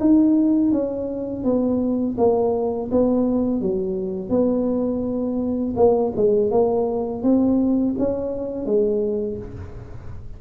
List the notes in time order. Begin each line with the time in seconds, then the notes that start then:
0.00 D#4
0.72 C#4
1.44 B3
2.18 A#3
2.91 B3
3.61 F#3
4.30 B3
5.76 A#3
6.16 G#3
6.51 A#3
7.23 C4
7.98 C#4
8.65 G#3